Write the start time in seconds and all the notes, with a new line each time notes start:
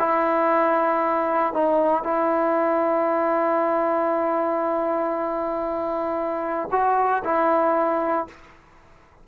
0.00 E4
1.54 D#4
2.04 E4
6.72 F#4
7.24 E4